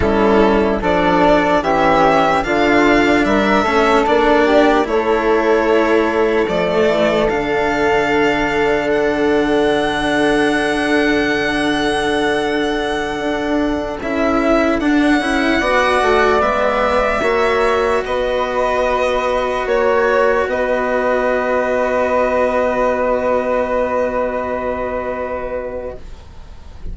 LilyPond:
<<
  \new Staff \with { instrumentName = "violin" } { \time 4/4 \tempo 4 = 74 a'4 d''4 e''4 f''4 | e''4 d''4 cis''2 | d''4 f''2 fis''4~ | fis''1~ |
fis''4~ fis''16 e''4 fis''4.~ fis''16~ | fis''16 e''2 dis''4.~ dis''16~ | dis''16 cis''4 dis''2~ dis''8.~ | dis''1 | }
  \new Staff \with { instrumentName = "flute" } { \time 4/4 e'4 a'4 g'4 f'4 | ais'8 a'4 g'8 a'2~ | a'1~ | a'1~ |
a'2.~ a'16 d''8.~ | d''4~ d''16 cis''4 b'4.~ b'16~ | b'16 cis''4 b'2~ b'8.~ | b'1 | }
  \new Staff \with { instrumentName = "cello" } { \time 4/4 cis'4 d'4 cis'4 d'4~ | d'8 cis'8 d'4 e'2 | a4 d'2.~ | d'1~ |
d'4~ d'16 e'4 d'8 e'8 fis'8.~ | fis'16 b4 fis'2~ fis'8.~ | fis'1~ | fis'1 | }
  \new Staff \with { instrumentName = "bassoon" } { \time 4/4 g4 f4 e4 d4 | g8 a8 ais4 a2 | f8 e8 d2.~ | d1~ |
d16 d'4 cis'4 d'8 cis'8 b8 a16~ | a16 gis4 ais4 b4.~ b16~ | b16 ais4 b2~ b8.~ | b1 | }
>>